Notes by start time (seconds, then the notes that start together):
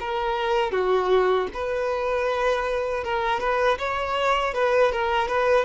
0.00 A#4
0.72 F#4
1.54 B4
3.04 A#4
3.40 B4
3.78 C#5
4.54 B4
4.92 A#4
5.28 B4